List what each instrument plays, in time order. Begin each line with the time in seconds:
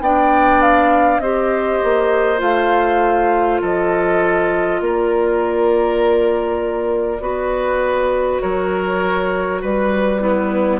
0.00 bassoon B3, clarinet D4, oboe D5, flute G5
0.62 flute F5
1.19 bassoon C4, clarinet G4, oboe C5, flute D#5
1.83 bassoon A#3
2.38 bassoon A3, clarinet F4, flute F5
3.61 bassoon F3, oboe A4, flute D#5
4.80 bassoon A#3, oboe A#4, flute D5
7.20 bassoon B3, clarinet F#4, oboe B4
8.40 bassoon F#3, oboe A#4, flute C#5
9.61 bassoon G3, oboe B4, flute B4
10.19 oboe B3, clarinet E4